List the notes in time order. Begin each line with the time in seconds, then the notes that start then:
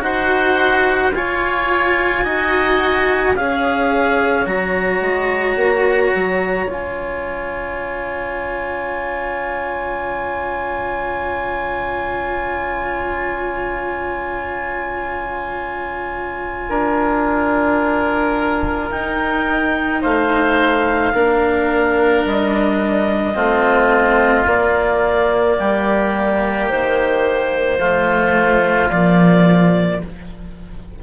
0.00 D#4 F#4 C5 F#5
1.11 F4 C#5 G#5
2.23 D#4 F#4 D#5
3.35 C#4 G#4 C#5 F5
4.45 F#3 F#4 A#5
5.00 G#3
5.55 A#3
6.14 F#3
6.65 C#4 F4
6.72 G#5
16.69 D4 A#4
18.90 D#4 G5
20.01 A3 C5 F5
21.13 A#3 D4 A#4
22.25 G3 D#5
23.34 A3 C4 F4
24.45 A#3 D5
25.59 G3 G4
26.68 D#3 C5
27.78 F3 A3 F4
28.90 A#2 F3 D5